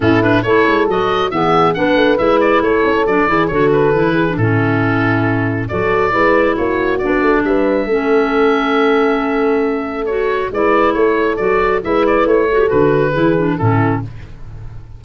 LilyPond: <<
  \new Staff \with { instrumentName = "oboe" } { \time 4/4 \tempo 4 = 137 a'8 b'8 cis''4 dis''4 e''4 | fis''4 e''8 d''8 cis''4 d''4 | cis''8 b'4. a'2~ | a'4 d''2 cis''4 |
d''4 e''2.~ | e''2. cis''4 | d''4 cis''4 d''4 e''8 d''8 | cis''4 b'2 a'4 | }
  \new Staff \with { instrumentName = "horn" } { \time 4/4 e'4 a'2 gis'4 | b'2 a'4. gis'8 | a'4. gis'8 e'2~ | e'4 a'4 b'4 fis'4~ |
fis'4 b'4 a'2~ | a'1 | b'4 a'2 b'4~ | b'8 a'4. gis'4 e'4 | }
  \new Staff \with { instrumentName = "clarinet" } { \time 4/4 cis'8 d'8 e'4 fis'4 b4 | d'4 e'2 d'8 e'8 | fis'4 e'8. d'16 cis'2~ | cis'4 fis'4 e'2 |
d'2 cis'2~ | cis'2. fis'4 | e'2 fis'4 e'4~ | e'8 fis'16 g'16 fis'4 e'8 d'8 cis'4 | }
  \new Staff \with { instrumentName = "tuba" } { \time 4/4 a,4 a8 gis8 fis4 e4 | b8 a8 gis4 a8 cis'8 fis8 e8 | d4 e4 a,2~ | a,4 fis4 gis4 ais4 |
b8 a8 g4 a2~ | a1 | gis4 a4 fis4 gis4 | a4 d4 e4 a,4 | }
>>